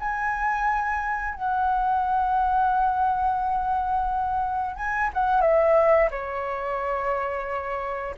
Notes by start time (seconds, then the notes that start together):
0.00 G#5
1.35 F#5
4.77 G#5
5.14 F#5
5.42 E5
6.11 C#5